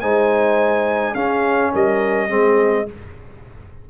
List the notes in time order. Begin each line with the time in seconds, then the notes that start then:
0.00 G#3 D#4 C5 G#5
1.14 C#4 G#4 F5
1.71 G3 A#4 D#5
2.28 G#3 C4 G#4